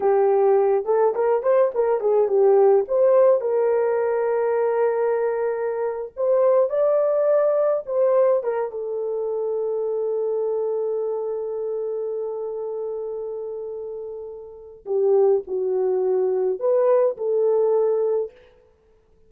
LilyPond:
\new Staff \with { instrumentName = "horn" } { \time 4/4 \tempo 4 = 105 g'4. a'8 ais'8 c''8 ais'8 gis'8 | g'4 c''4 ais'2~ | ais'2~ ais'8. c''4 d''16~ | d''4.~ d''16 c''4 ais'8 a'8.~ |
a'1~ | a'1~ | a'2 g'4 fis'4~ | fis'4 b'4 a'2 | }